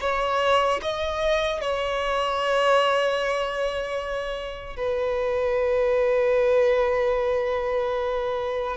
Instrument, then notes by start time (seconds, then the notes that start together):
violin
0.00 C#5
0.82 D#5
1.60 C#5
4.76 B4